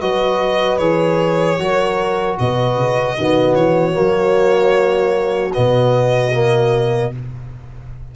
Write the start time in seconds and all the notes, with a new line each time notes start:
0.00 F#3 F#4 B4 D#5
0.78 E3 G#4 C#5
1.59 F#3 F#4 A#4
2.39 B2 B4 D#5
2.76 C#3
3.17 D#3 B3 F#4
3.55 E3 C#5
3.93 F#3 A#3
5.53 B2 B3 D#5
6.33 A#3